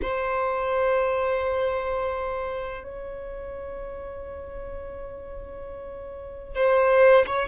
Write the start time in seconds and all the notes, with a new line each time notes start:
0.02 C5
2.83 C#5
6.55 C5
7.26 C#5